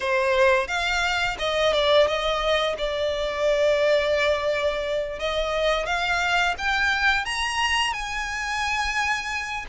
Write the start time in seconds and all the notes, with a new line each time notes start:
0.00 C5
0.67 F5
1.39 D#5
1.73 D5
2.07 D#5
2.77 D5
5.19 D#5
5.86 F5
6.58 G5
7.25 A#5
7.93 G#5